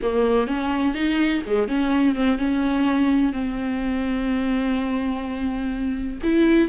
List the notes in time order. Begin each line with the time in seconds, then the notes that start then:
0.02 A#3
0.47 C#4
0.94 D#4
1.46 G#3
1.68 C#4
2.15 C4
2.38 C#4
3.32 C4
6.23 E4